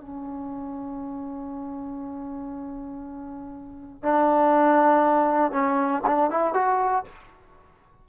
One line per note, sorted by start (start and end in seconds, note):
0.00 4.03 C#4
4.03 5.51 D4
5.51 6.02 C#4
6.06 6.30 D4
6.30 6.54 E4
6.54 7.04 F#4